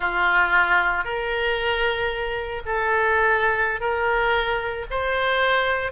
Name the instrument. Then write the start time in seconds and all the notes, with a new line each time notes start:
oboe
0.00 F4
1.04 A#4
2.65 A4
3.80 A#4
4.90 C5